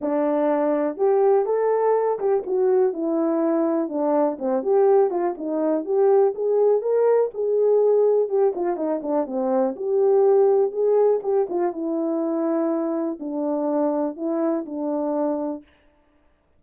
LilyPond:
\new Staff \with { instrumentName = "horn" } { \time 4/4 \tempo 4 = 123 d'2 g'4 a'4~ | a'8 g'8 fis'4 e'2 | d'4 c'8 g'4 f'8 dis'4 | g'4 gis'4 ais'4 gis'4~ |
gis'4 g'8 f'8 dis'8 d'8 c'4 | g'2 gis'4 g'8 f'8 | e'2. d'4~ | d'4 e'4 d'2 | }